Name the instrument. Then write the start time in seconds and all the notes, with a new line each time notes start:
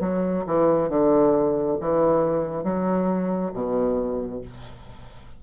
bassoon
0.00 F#3
0.46 E3
0.89 D3
1.80 E3
2.63 F#3
3.53 B2